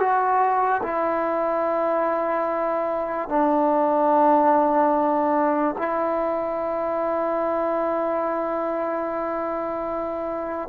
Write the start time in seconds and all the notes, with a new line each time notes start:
0.00 F#4
0.83 E4
3.29 D4
5.78 E4